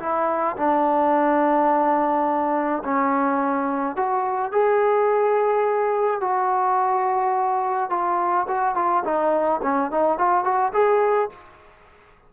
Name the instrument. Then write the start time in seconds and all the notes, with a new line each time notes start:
trombone
0.00 E4
0.57 D4
2.85 C#4
3.97 F#4
4.52 G#4
6.21 F#4
7.90 F4
8.48 F#4
8.75 F4
9.04 D#4
9.63 C#4
9.91 D#4
10.18 F4
10.44 F#4
10.73 G#4